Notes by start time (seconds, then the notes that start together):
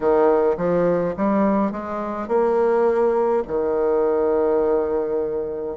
0.00 D#3
0.57 F3
1.16 G3
1.71 G#3
2.28 A#3
3.47 D#3